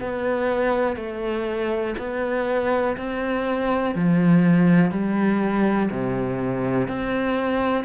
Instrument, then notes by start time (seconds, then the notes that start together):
cello
0.00 B3
0.96 A3
1.98 B3
2.97 C4
3.95 F3
4.91 G3
5.91 C3
6.88 C4